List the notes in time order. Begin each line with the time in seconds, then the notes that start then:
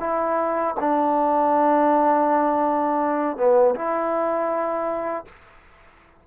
0.00 E4
0.80 D4
3.37 B3
3.75 E4